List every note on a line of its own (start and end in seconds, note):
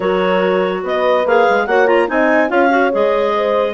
0.00 0.83 F#3
0.00 1.24 F#4
0.00 0.83 A#4
0.00 0.83 C#5
0.83 1.25 B3
0.83 1.67 B4
0.83 1.27 D#5
1.25 1.46 A#3
1.25 1.68 G#4
1.25 1.66 F5
1.50 1.66 G#3
1.66 2.08 A#3
1.66 1.86 F#4
1.66 2.09 C#5
1.66 1.87 F#5
1.86 2.07 F4
1.86 2.08 A#5
2.07 2.50 C4
2.07 2.48 D#4
2.07 2.50 D#5
2.07 2.50 G#5
2.48 2.91 C#4
2.48 2.69 F4
2.48 3.34 C#5
2.48 2.91 F5
2.69 2.90 F#4
2.91 3.74 G#3
2.91 3.74 G#4
2.91 3.74 D#5
3.35 3.74 C5